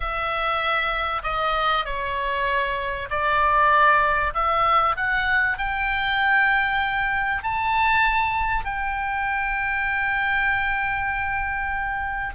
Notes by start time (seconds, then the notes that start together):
0.00 E5
1.23 D#5
1.85 C#5
3.09 D5
4.34 E5
4.96 F#5
5.58 G5
7.43 A5
8.65 G5